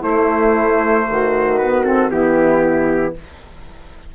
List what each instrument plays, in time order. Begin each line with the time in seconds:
0.00 bassoon A3, saxophone A3, flute E4, trumpet C5
1.10 bassoon D#3, flute F#4
1.58 saxophone B3, trumpet B4
1.84 saxophone C4, trumpet A4
2.10 bassoon E3, saxophone B3, flute E4, trumpet G4